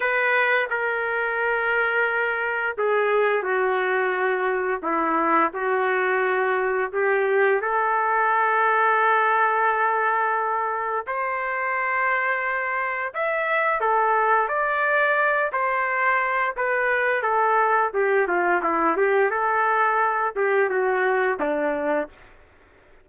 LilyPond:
\new Staff \with { instrumentName = "trumpet" } { \time 4/4 \tempo 4 = 87 b'4 ais'2. | gis'4 fis'2 e'4 | fis'2 g'4 a'4~ | a'1 |
c''2. e''4 | a'4 d''4. c''4. | b'4 a'4 g'8 f'8 e'8 g'8 | a'4. g'8 fis'4 d'4 | }